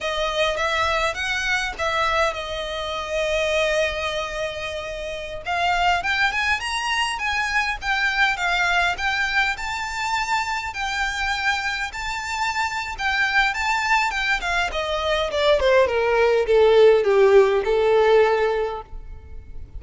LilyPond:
\new Staff \with { instrumentName = "violin" } { \time 4/4 \tempo 4 = 102 dis''4 e''4 fis''4 e''4 | dis''1~ | dis''4~ dis''16 f''4 g''8 gis''8 ais''8.~ | ais''16 gis''4 g''4 f''4 g''8.~ |
g''16 a''2 g''4.~ g''16~ | g''16 a''4.~ a''16 g''4 a''4 | g''8 f''8 dis''4 d''8 c''8 ais'4 | a'4 g'4 a'2 | }